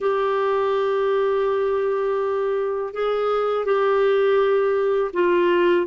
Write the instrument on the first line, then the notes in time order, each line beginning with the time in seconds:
clarinet
0.00 G4
2.93 G#4
3.65 G4
5.13 F4